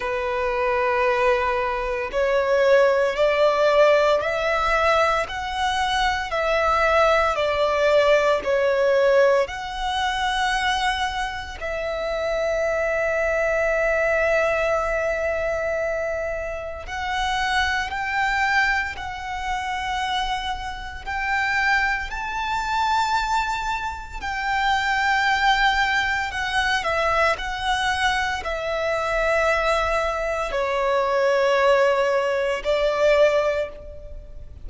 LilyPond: \new Staff \with { instrumentName = "violin" } { \time 4/4 \tempo 4 = 57 b'2 cis''4 d''4 | e''4 fis''4 e''4 d''4 | cis''4 fis''2 e''4~ | e''1 |
fis''4 g''4 fis''2 | g''4 a''2 g''4~ | g''4 fis''8 e''8 fis''4 e''4~ | e''4 cis''2 d''4 | }